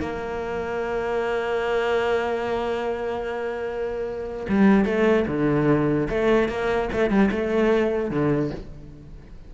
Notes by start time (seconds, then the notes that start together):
0.00 A#3
4.48 G3
4.85 A3
5.27 D3
6.09 A3
6.48 A#3
6.92 A3
7.09 G3
7.31 A3
8.10 D3